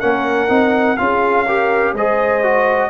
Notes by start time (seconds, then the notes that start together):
0.00 A#3 C#4 A#4 F#5
0.49 C4 D#4
0.97 C#4 F4 G#4 F5
1.45 G4 A#4
1.93 G#3 G#4 C5 D#5
2.43 F#4